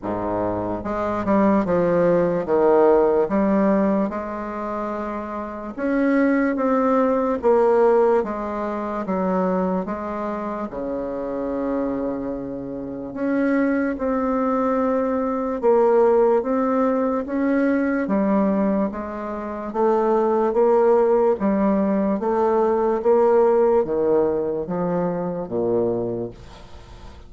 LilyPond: \new Staff \with { instrumentName = "bassoon" } { \time 4/4 \tempo 4 = 73 gis,4 gis8 g8 f4 dis4 | g4 gis2 cis'4 | c'4 ais4 gis4 fis4 | gis4 cis2. |
cis'4 c'2 ais4 | c'4 cis'4 g4 gis4 | a4 ais4 g4 a4 | ais4 dis4 f4 ais,4 | }